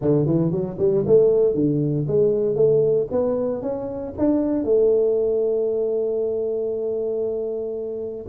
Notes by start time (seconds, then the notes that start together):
0.01 D3
0.26 E3
0.51 F#3
0.78 G3
1.06 A3
1.54 D3
2.07 G#3
2.55 A3
3.11 B3
3.61 C#4
4.18 D4
4.64 A3